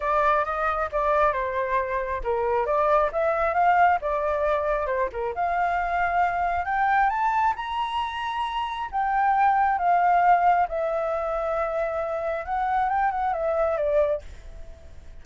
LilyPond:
\new Staff \with { instrumentName = "flute" } { \time 4/4 \tempo 4 = 135 d''4 dis''4 d''4 c''4~ | c''4 ais'4 d''4 e''4 | f''4 d''2 c''8 ais'8 | f''2. g''4 |
a''4 ais''2. | g''2 f''2 | e''1 | fis''4 g''8 fis''8 e''4 d''4 | }